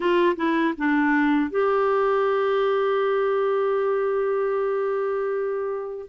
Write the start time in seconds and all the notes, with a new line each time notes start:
0.00 F4
0.36 E4
0.77 D4
1.50 G4